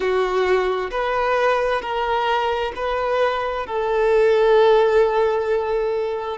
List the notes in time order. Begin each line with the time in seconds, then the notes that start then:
0.00 F#4
0.90 B4
1.81 A#4
2.75 B4
3.66 A4